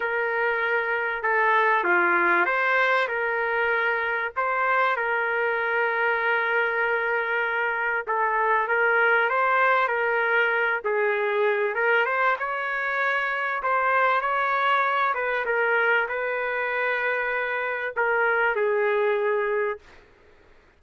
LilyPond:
\new Staff \with { instrumentName = "trumpet" } { \time 4/4 \tempo 4 = 97 ais'2 a'4 f'4 | c''4 ais'2 c''4 | ais'1~ | ais'4 a'4 ais'4 c''4 |
ais'4. gis'4. ais'8 c''8 | cis''2 c''4 cis''4~ | cis''8 b'8 ais'4 b'2~ | b'4 ais'4 gis'2 | }